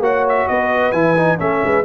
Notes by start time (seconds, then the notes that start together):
0.00 A#3 F#4 C#5 F#5
0.29 E5
0.48 B3 B4 D#5
0.92 E3 E4 G#5
1.16 D#4
1.39 A3 C#4 A4 E5
1.64 G#3 B4